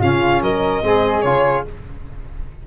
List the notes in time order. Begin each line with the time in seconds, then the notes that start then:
0.00 C#3 C#4 F4 F5
0.41 F#3 A#4 D#5
0.82 G#3 C4 G#4
1.21 C#3 F4 C#5